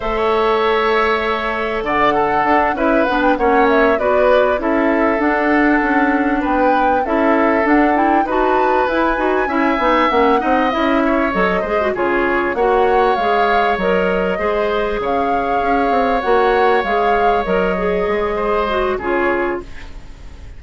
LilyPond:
<<
  \new Staff \with { instrumentName = "flute" } { \time 4/4 \tempo 4 = 98 e''2. fis''4~ | fis''8 e''8 fis''16 g''16 fis''8 e''8 d''4 e''8~ | e''8 fis''2 g''4 e''8~ | e''8 fis''8 g''8 a''4 gis''4.~ |
gis''8 fis''4 e''4 dis''4 cis''8~ | cis''8 fis''4 f''4 dis''4.~ | dis''8 f''2 fis''4 f''8~ | f''8 dis''2~ dis''8 cis''4 | }
  \new Staff \with { instrumentName = "oboe" } { \time 4/4 cis''2. d''8 a'8~ | a'8 b'4 cis''4 b'4 a'8~ | a'2~ a'8 b'4 a'8~ | a'4. b'2 e''8~ |
e''4 dis''4 cis''4 c''8 gis'8~ | gis'8 cis''2. c''8~ | c''8 cis''2.~ cis''8~ | cis''2 c''4 gis'4 | }
  \new Staff \with { instrumentName = "clarinet" } { \time 4/4 a'1 | d'8 e'8 d'8 cis'4 fis'4 e'8~ | e'8 d'2. e'8~ | e'8 d'8 e'8 fis'4 e'8 fis'8 e'8 |
dis'8 cis'8 dis'8 e'4 a'8 gis'16 fis'16 f'8~ | f'8 fis'4 gis'4 ais'4 gis'8~ | gis'2~ gis'8 fis'4 gis'8~ | gis'8 ais'8 gis'4. fis'8 f'4 | }
  \new Staff \with { instrumentName = "bassoon" } { \time 4/4 a2. d4 | d'8 cis'8 b8 ais4 b4 cis'8~ | cis'8 d'4 cis'4 b4 cis'8~ | cis'8 d'4 dis'4 e'8 dis'8 cis'8 |
b8 ais8 c'8 cis'4 fis8 gis8 cis8~ | cis8 ais4 gis4 fis4 gis8~ | gis8 cis4 cis'8 c'8 ais4 gis8~ | gis8 fis4 gis4. cis4 | }
>>